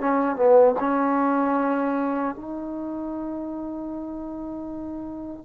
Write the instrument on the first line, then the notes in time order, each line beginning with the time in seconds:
trombone
0.00 C#4
0.36 B3
0.79 C#4
2.35 D#4